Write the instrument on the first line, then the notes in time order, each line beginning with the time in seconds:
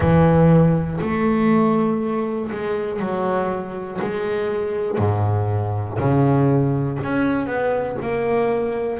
double bass
0.00 E3
1.00 A3
2.51 G#3
2.99 F#3
4.01 G#3
4.97 G#2
5.99 C#3
7.03 C#4
7.46 B3
8.01 A#3